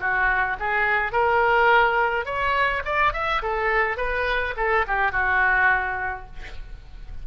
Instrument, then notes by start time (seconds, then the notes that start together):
oboe
0.00 F#4
0.60 G#4
1.13 A#4
2.26 C#5
2.85 D5
3.14 E5
3.43 A4
3.97 B4
4.57 A4
4.88 G4
5.12 F#4